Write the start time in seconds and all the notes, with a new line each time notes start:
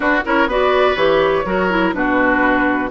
0.00 D4 F#4 B4
0.24 C#4 E4 A#4 C#5
0.46 B3 F#4 B4 D5
0.95 E3 G4 C#5
1.45 F#3 F#4 A#4
1.70 E4
1.93 B2 D4 F#4 B4